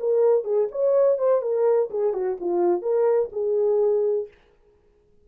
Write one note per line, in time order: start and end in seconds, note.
0.00 0.44 A#4
0.44 0.68 G#4
0.71 1.18 C#5
1.18 1.42 C5
1.42 1.90 A#4
1.90 2.14 G#4
2.14 2.37 F#4
2.40 2.82 F4
2.82 3.30 A#4
3.32 4.28 G#4